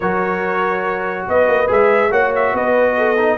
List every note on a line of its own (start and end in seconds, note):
0.00 1.27 F#3
0.00 1.67 F#4
0.00 1.26 A#4
0.00 1.26 C#5
1.28 1.48 B3
1.28 2.10 B4
1.28 1.71 D#5
1.48 1.69 A#3
1.67 2.10 G#3
1.67 2.09 G#4
1.67 2.12 E5
2.10 2.52 A#3
2.10 3.16 F#4
2.10 2.53 C#5
2.10 2.33 F#5
2.35 2.56 E5
2.53 3.37 B3
2.53 2.96 B4
2.53 3.38 D#5
2.97 3.38 A4
3.17 3.38 D#4